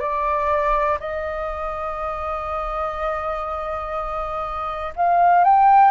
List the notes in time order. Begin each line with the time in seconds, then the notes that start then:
0.00 D5
1.00 D#5
4.96 F5
5.45 G5